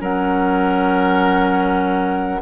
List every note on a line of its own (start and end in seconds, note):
0.00 2.41 F#3
0.00 2.40 C#4
0.00 2.41 A#4
0.00 2.42 F#5